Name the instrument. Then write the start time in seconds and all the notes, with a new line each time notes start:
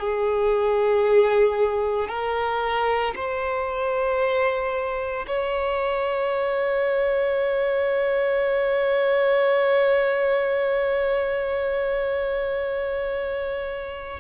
violin
0.00 G#4
2.09 A#4
3.16 C5
5.28 C#5